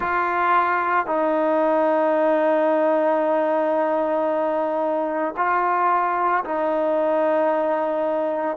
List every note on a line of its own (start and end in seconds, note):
0.00 1.06 F4
1.06 5.34 D#4
5.36 6.43 F4
6.44 8.57 D#4